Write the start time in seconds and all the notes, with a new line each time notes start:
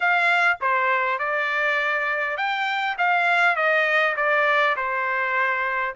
0.00 F5
0.60 C5
1.19 D5
2.37 G5
2.97 F5
3.55 D#5
4.16 D5
4.76 C5